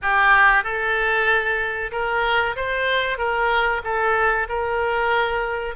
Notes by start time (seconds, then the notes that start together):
0.01 G4
0.63 A4
1.91 A#4
2.56 C5
3.17 A#4
3.84 A4
4.48 A#4